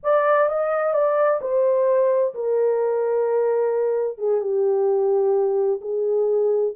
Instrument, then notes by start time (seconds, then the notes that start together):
horn
0.03 D5
0.48 D#5
0.93 D5
1.41 C5
2.34 A#4
4.17 G#4
4.41 G4
5.81 G#4